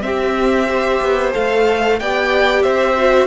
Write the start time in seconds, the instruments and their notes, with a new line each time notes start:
0.00 viola C4, cello C4, violin G4 E5
0.68 viola G4, violin C5
1.01 cello B3
1.32 cello A3, viola A4, violin F5
1.99 cello B3, viola G4, violin D5 G5
2.62 cello C4, violin C5 E5
2.96 viola F#4